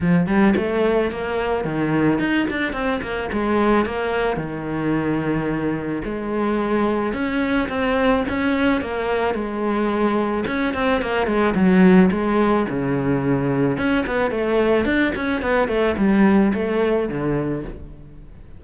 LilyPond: \new Staff \with { instrumentName = "cello" } { \time 4/4 \tempo 4 = 109 f8 g8 a4 ais4 dis4 | dis'8 d'8 c'8 ais8 gis4 ais4 | dis2. gis4~ | gis4 cis'4 c'4 cis'4 |
ais4 gis2 cis'8 c'8 | ais8 gis8 fis4 gis4 cis4~ | cis4 cis'8 b8 a4 d'8 cis'8 | b8 a8 g4 a4 d4 | }